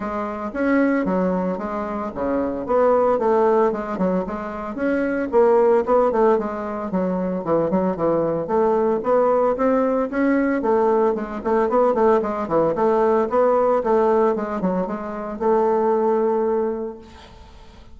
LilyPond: \new Staff \with { instrumentName = "bassoon" } { \time 4/4 \tempo 4 = 113 gis4 cis'4 fis4 gis4 | cis4 b4 a4 gis8 fis8 | gis4 cis'4 ais4 b8 a8 | gis4 fis4 e8 fis8 e4 |
a4 b4 c'4 cis'4 | a4 gis8 a8 b8 a8 gis8 e8 | a4 b4 a4 gis8 fis8 | gis4 a2. | }